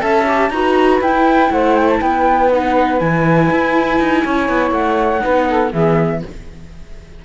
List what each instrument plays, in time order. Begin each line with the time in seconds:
0.00 cello C#4, viola A4, saxophone E5, flute A5
0.27 viola G4
0.50 cello D#4, viola F#4, saxophone B4, flute A#5
1.01 cello E4, viola E4, flute G5
1.51 cello A3, saxophone C5, flute F#5
1.76 flute G5
1.89 flute A5
2.00 cello B3, saxophone B4, flute G5
2.51 viola D#4, flute F#5
2.99 cello E3, viola E4, flute G#5
3.51 cello E4
4.00 cello D#4
4.23 cello C#4, saxophone C#5
4.49 cello B3
4.71 cello A3, flute F#5
5.20 viola D#4, saxophone B4
5.26 cello B3
5.47 saxophone A4
5.71 cello E3, viola B3, saxophone G#4, flute E5